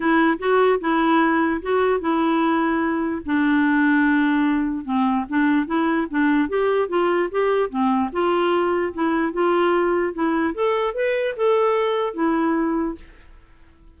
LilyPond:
\new Staff \with { instrumentName = "clarinet" } { \time 4/4 \tempo 4 = 148 e'4 fis'4 e'2 | fis'4 e'2. | d'1 | c'4 d'4 e'4 d'4 |
g'4 f'4 g'4 c'4 | f'2 e'4 f'4~ | f'4 e'4 a'4 b'4 | a'2 e'2 | }